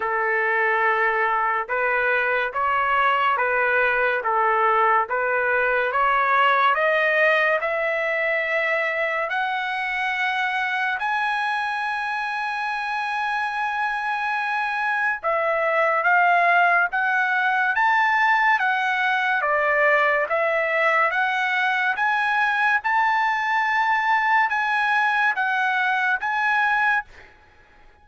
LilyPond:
\new Staff \with { instrumentName = "trumpet" } { \time 4/4 \tempo 4 = 71 a'2 b'4 cis''4 | b'4 a'4 b'4 cis''4 | dis''4 e''2 fis''4~ | fis''4 gis''2.~ |
gis''2 e''4 f''4 | fis''4 a''4 fis''4 d''4 | e''4 fis''4 gis''4 a''4~ | a''4 gis''4 fis''4 gis''4 | }